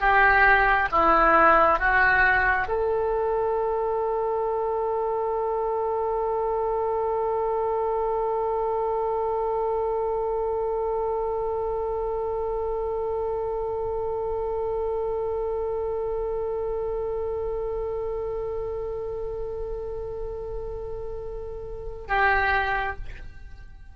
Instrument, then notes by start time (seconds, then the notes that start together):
oboe
0.00 G4
0.91 E4
1.78 F#4
2.68 A4
22.07 G4